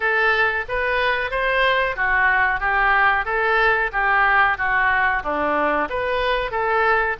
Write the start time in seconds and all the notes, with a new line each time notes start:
0.00 A4
0.68 B4
1.30 C5
1.96 F#4
2.60 G4
3.25 A4
3.92 G4
4.57 F#4
5.23 D4
5.89 B4
6.51 A4